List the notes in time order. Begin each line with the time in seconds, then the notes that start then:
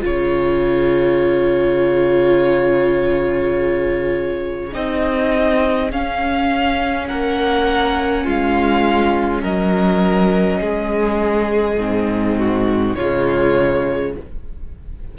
0.00 C#3 F4 G#4 C#5
4.71 C4 D#4 D#5
5.92 C#4 F5
7.07 A#3 A#4 F#5
8.24 G#3 F4 F5
9.41 F#3 A#4 D#5
10.61 G#3 G#4
11.76 G#2 C4
12.37 F#4
12.95 C#3 G#3 F4 C#5